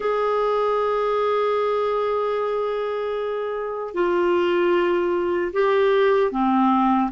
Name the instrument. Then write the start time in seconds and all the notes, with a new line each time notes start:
clarinet
0.00 G#4
3.94 F4
5.52 G4
6.31 C4